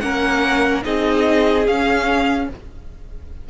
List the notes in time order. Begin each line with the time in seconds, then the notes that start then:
0.00 A#3 C#4 A#4 F#5
0.82 C4 D#4 G#4 D#5
1.67 C#4 F5